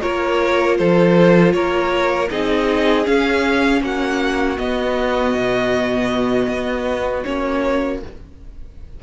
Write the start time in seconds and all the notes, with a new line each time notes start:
0.00 A#3 F4 A#4 C#5
0.78 F3 A4 C5
1.53 A#3 A#4 C#5
2.30 C4 D#4 G#4 D#5
3.05 C#4 F5
3.82 A#3 F#4 F#5
4.58 B3 D#5
5.34 B2
6.48 B3
7.24 A#3 C#4 C#5